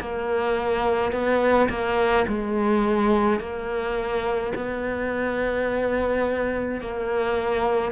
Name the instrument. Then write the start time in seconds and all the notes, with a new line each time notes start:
cello
0.00 A#3
1.12 B3
1.69 A#3
2.28 G#3
3.40 A#3
4.55 B3
6.81 A#3